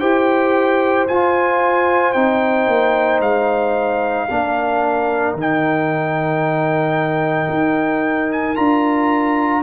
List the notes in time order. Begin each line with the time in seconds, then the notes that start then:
0.00 E4 G4 C5 G5
1.08 F4 G#5
2.13 C4 D#4 G5
2.68 A#3
3.20 G#3 F5
4.30 A#3 D4 A#4
5.34 D#3 D#4
5.41 G5
7.50 D#4
8.33 G#5
8.56 D4 F4 A#5